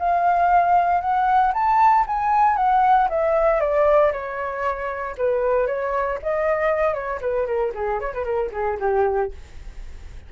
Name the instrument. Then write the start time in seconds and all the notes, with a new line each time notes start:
flute
0.00 F5
1.01 F#5
1.54 A5
2.07 G#5
2.57 F#5
3.10 E5
3.61 D5
4.13 C#5
5.18 B4
5.67 C#5
6.23 D#5
6.95 C#5
7.22 B4
7.47 A#4
7.75 G#4
8.01 C#5
8.14 B4
8.25 A#4
8.53 G#4
8.80 G4